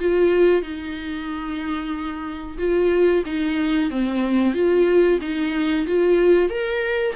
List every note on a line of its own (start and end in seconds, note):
0.00 0.62 F4
0.62 2.58 D#4
2.58 3.23 F4
3.26 3.90 D#4
3.90 4.54 C4
4.54 5.19 F4
5.21 5.87 D#4
5.87 6.50 F4
6.50 7.15 A#4